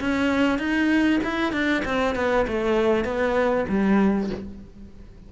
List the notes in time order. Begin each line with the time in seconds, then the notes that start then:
0.00 C#4
0.59 D#4
1.24 E4
1.53 D4
1.85 C4
2.16 B3
2.47 A3
3.04 B3
3.69 G3